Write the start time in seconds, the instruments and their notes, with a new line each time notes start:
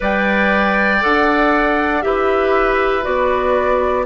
0.00 bassoon G3, clarinet B4, oboe D5, flute G5
1.01 bassoon D4, clarinet A4, flute F#5
2.01 bassoon E4, clarinet G4, oboe B4, flute E5
3.02 bassoon B3, clarinet F#4, flute D5